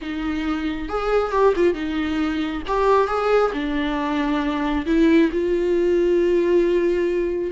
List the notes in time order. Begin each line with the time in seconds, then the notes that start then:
0.01 D#4
0.88 G#4
1.31 G4
1.56 F4
1.74 D#4
2.67 G4
3.07 G#4
3.53 D4
4.86 E4
5.32 F4